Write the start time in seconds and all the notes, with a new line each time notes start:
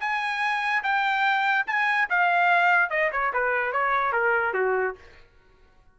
0.00 G#5
0.83 G5
1.67 G#5
2.10 F5
2.90 D#5
3.12 C#5
3.33 B4
3.73 C#5
4.12 A#4
4.54 F#4